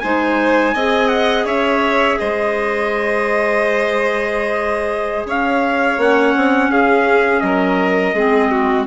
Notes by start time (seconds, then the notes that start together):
0.00 G#3 D#4 C5 G#5
0.74 C4 G#4 D#5
1.08 F#5
1.45 C#4 C#5 E5
2.19 G#3 C5 D#5
5.25 C#4 C#5 F5
5.98 A#3 C#4 F#5
6.36 C4
6.69 C#4 G#4 F5
7.40 F#3 A#4 D#5
8.14 G#3 C4 G#4
8.51 F#4